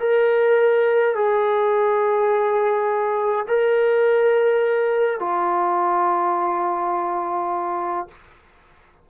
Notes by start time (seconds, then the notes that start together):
0.00 A#4
1.16 G#4
3.48 A#4
5.20 F4